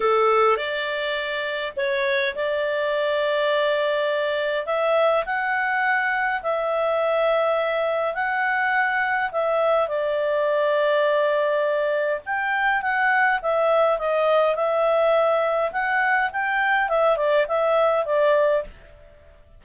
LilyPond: \new Staff \with { instrumentName = "clarinet" } { \time 4/4 \tempo 4 = 103 a'4 d''2 cis''4 | d''1 | e''4 fis''2 e''4~ | e''2 fis''2 |
e''4 d''2.~ | d''4 g''4 fis''4 e''4 | dis''4 e''2 fis''4 | g''4 e''8 d''8 e''4 d''4 | }